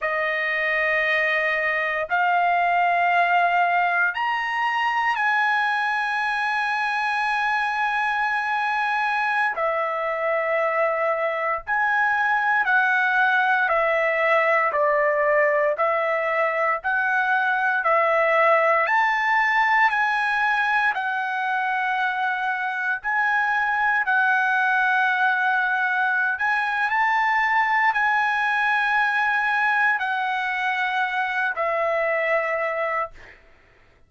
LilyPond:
\new Staff \with { instrumentName = "trumpet" } { \time 4/4 \tempo 4 = 58 dis''2 f''2 | ais''4 gis''2.~ | gis''4~ gis''16 e''2 gis''8.~ | gis''16 fis''4 e''4 d''4 e''8.~ |
e''16 fis''4 e''4 a''4 gis''8.~ | gis''16 fis''2 gis''4 fis''8.~ | fis''4. gis''8 a''4 gis''4~ | gis''4 fis''4. e''4. | }